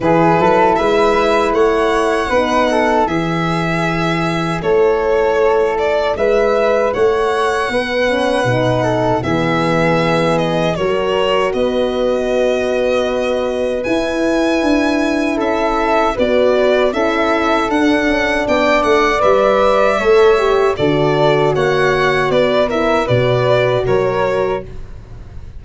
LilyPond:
<<
  \new Staff \with { instrumentName = "violin" } { \time 4/4 \tempo 4 = 78 b'4 e''4 fis''2 | e''2 cis''4. d''8 | e''4 fis''2. | e''4. dis''8 cis''4 dis''4~ |
dis''2 gis''2 | e''4 d''4 e''4 fis''4 | g''8 fis''8 e''2 d''4 | fis''4 d''8 e''8 d''4 cis''4 | }
  \new Staff \with { instrumentName = "flute" } { \time 4/4 gis'8 a'8 b'4 cis''4 b'8 a'8 | gis'2 a'2 | b'4 cis''4 b'4. a'8 | gis'2 ais'4 b'4~ |
b'1 | a'4 b'4 a'2 | d''2 cis''4 a'4 | cis''4 b'8 ais'8 b'4 ais'4 | }
  \new Staff \with { instrumentName = "horn" } { \time 4/4 e'2. dis'4 | e'1~ | e'2~ e'8 cis'8 dis'4 | b2 fis'2~ |
fis'2 e'2~ | e'4 fis'4 e'4 d'4~ | d'4 b'4 a'8 g'8 fis'4~ | fis'4. e'8 fis'2 | }
  \new Staff \with { instrumentName = "tuba" } { \time 4/4 e8 fis8 gis4 a4 b4 | e2 a2 | gis4 a4 b4 b,4 | e2 fis4 b4~ |
b2 e'4 d'4 | cis'4 b4 cis'4 d'8 cis'8 | b8 a8 g4 a4 d4 | ais4 b4 b,4 fis4 | }
>>